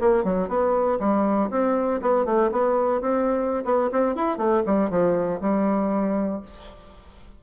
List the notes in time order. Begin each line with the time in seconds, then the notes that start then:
0.00 A#3
0.24 F#3
0.48 B3
0.99 G3
1.50 C4
2.02 B3
2.25 A3
2.51 B3
3.01 C4
3.65 B3
3.92 C4
4.15 E4
4.38 A3
4.66 G3
4.90 F3
5.41 G3